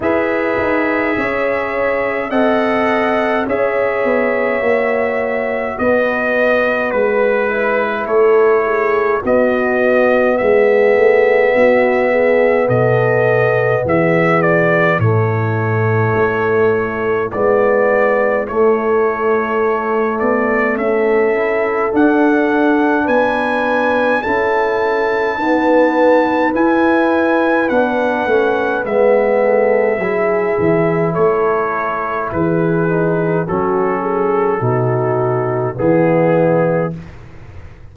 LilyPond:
<<
  \new Staff \with { instrumentName = "trumpet" } { \time 4/4 \tempo 4 = 52 e''2 fis''4 e''4~ | e''4 dis''4 b'4 cis''4 | dis''4 e''2 dis''4 | e''8 d''8 cis''2 d''4 |
cis''4. d''8 e''4 fis''4 | gis''4 a''2 gis''4 | fis''4 e''2 cis''4 | b'4 a'2 gis'4 | }
  \new Staff \with { instrumentName = "horn" } { \time 4/4 b'4 cis''4 dis''4 cis''4~ | cis''4 b'2 a'8 gis'8 | fis'4 gis'4 fis'8 gis'8 a'4 | gis'4 e'2.~ |
e'2 a'2 | b'4 a'4 b'2~ | b'4. a'8 gis'4 a'4 | gis'4 fis'8 gis'8 fis'4 e'4 | }
  \new Staff \with { instrumentName = "trombone" } { \time 4/4 gis'2 a'4 gis'4 | fis'2~ fis'8 e'4. | b1~ | b4 a2 b4 |
a2~ a8 e'8 d'4~ | d'4 e'4 b4 e'4 | d'8 cis'8 b4 e'2~ | e'8 dis'8 cis'4 dis'4 b4 | }
  \new Staff \with { instrumentName = "tuba" } { \time 4/4 e'8 dis'8 cis'4 c'4 cis'8 b8 | ais4 b4 gis4 a4 | b4 gis8 a8 b4 b,4 | e4 a,4 a4 gis4 |
a4. b8 cis'4 d'4 | b4 cis'4 dis'4 e'4 | b8 a8 gis4 fis8 e8 a4 | e4 fis4 b,4 e4 | }
>>